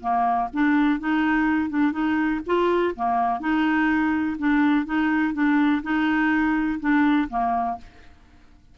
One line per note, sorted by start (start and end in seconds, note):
0.00 0.48 A#3
0.53 0.99 D4
0.99 1.69 D#4
1.69 1.92 D4
1.92 2.40 D#4
2.46 2.94 F4
2.95 3.40 A#3
3.40 4.37 D#4
4.38 4.85 D4
4.85 5.33 D#4
5.33 5.82 D4
5.82 6.79 D#4
6.80 7.28 D4
7.29 7.77 A#3